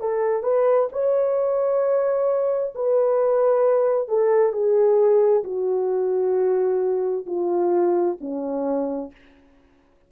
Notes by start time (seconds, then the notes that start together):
0.00 A4
0.43 B4
0.92 C#5
2.75 B4
4.08 A4
4.52 G#4
5.44 F#4
7.26 F4
8.20 C#4